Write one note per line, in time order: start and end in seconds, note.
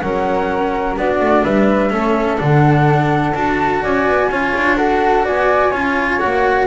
0.00 0.97 F#3
0.00 0.98 C#4
0.00 0.98 A#4
0.00 0.95 F#5
0.97 1.20 B3
0.97 1.90 D4
0.97 1.44 F#4
0.97 1.45 D5
1.20 1.44 A3
1.44 1.91 G3
1.44 1.91 B4
1.44 2.40 E5
1.90 2.39 A3
1.90 2.38 C#4
1.90 3.83 A4
2.38 3.34 D3
2.38 3.33 D4
2.38 3.35 F#5
3.34 3.82 D4
3.34 4.30 F#4
3.34 3.83 A5
3.83 4.08 C#4
3.83 4.30 D5
3.83 4.77 G#5
4.08 4.30 B3
4.30 4.53 C#4
4.30 4.77 F4
4.30 4.78 C#5
4.57 5.28 D4
4.77 5.73 F#4
4.77 5.25 A4
4.77 5.25 F#5
5.25 5.73 B3
5.25 5.71 D5
5.25 6.20 G#5
5.71 6.20 C#4
5.71 6.20 F4
5.71 6.66 C#5
6.20 6.68 A#3
6.20 6.68 F#4
6.20 6.67 F#5